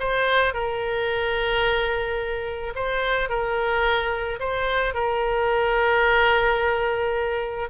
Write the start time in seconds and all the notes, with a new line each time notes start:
0.00 C5
0.54 A#4
2.76 C5
3.30 A#4
4.40 C5
4.95 A#4